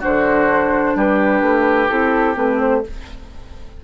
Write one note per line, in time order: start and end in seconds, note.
0.00 0.95 D3
0.00 1.89 D4
0.00 0.94 F#4
0.00 0.97 C5
0.95 1.42 G3
0.95 2.84 G4
0.95 1.89 B4
1.42 1.88 A3
1.89 2.36 C4
1.89 2.35 E4
1.89 2.36 A4
2.35 2.83 A3
2.35 2.82 C4
2.35 2.60 B4
2.60 2.84 C5